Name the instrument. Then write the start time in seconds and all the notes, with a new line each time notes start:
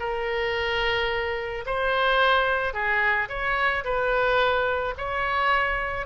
oboe
0.00 A#4
1.66 C5
2.74 G#4
3.29 C#5
3.84 B4
4.98 C#5